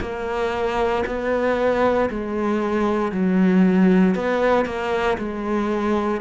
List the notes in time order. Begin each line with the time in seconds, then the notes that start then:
0.00 A#3
1.06 B3
2.09 G#3
3.11 F#3
4.15 B3
4.65 A#3
5.17 G#3